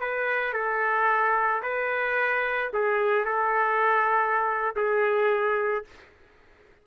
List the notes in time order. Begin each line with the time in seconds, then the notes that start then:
0.00 B4
0.53 A4
1.62 B4
2.73 G#4
3.25 A4
4.76 G#4